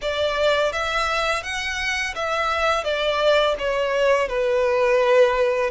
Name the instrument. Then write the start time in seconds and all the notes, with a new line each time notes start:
violin
0.01 D5
0.72 E5
1.43 F#5
2.15 E5
2.83 D5
3.58 C#5
4.28 B4